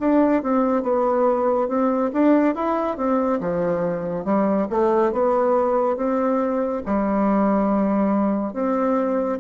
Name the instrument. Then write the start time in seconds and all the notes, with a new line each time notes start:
bassoon
0.00 D4
0.43 C4
0.83 B3
1.68 C4
2.13 D4
2.55 E4
2.97 C4
3.41 F3
4.25 G3
4.70 A3
5.12 B3
5.96 C4
6.86 G3
8.54 C4